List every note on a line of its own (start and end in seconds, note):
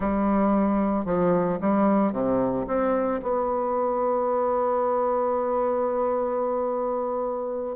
0.00 1.05 G3
1.05 1.59 F3
1.60 2.12 G3
2.12 2.65 C3
2.67 3.20 C4
3.22 7.76 B3